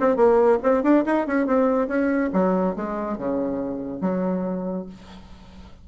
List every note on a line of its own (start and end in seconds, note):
0.00 0.15 C4
0.15 0.58 A#3
0.62 0.83 C4
0.83 1.04 D4
1.05 1.26 D#4
1.27 1.46 C#4
1.46 1.87 C4
1.87 2.30 C#4
2.33 2.75 F#3
2.75 3.18 G#3
3.18 4.01 C#3
4.01 4.86 F#3